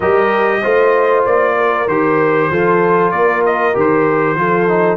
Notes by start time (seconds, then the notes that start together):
0.00 G3 G4 A#4 D#5
0.61 A3 F4 C5
1.25 A#3 D5
1.57 A#4
1.87 D#3 G4 C5
2.51 F3 F4 A4
3.11 A#3 A#4 D5
3.45 D#5
3.73 D#3 G4
3.80 C5
4.35 F3 F4 A4
4.68 D#4